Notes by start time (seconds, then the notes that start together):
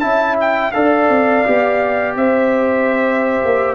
0.00 C#4 E4 E5 A5
0.40 G5
0.72 D4 A4 D5 F5
1.09 C4
1.46 B3 G4
2.16 C4 C5 E5
3.45 A#3